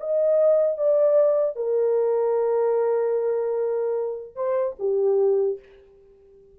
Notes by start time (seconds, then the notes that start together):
0.00 D#5
0.77 D5
1.56 A#4
4.35 C5
4.79 G4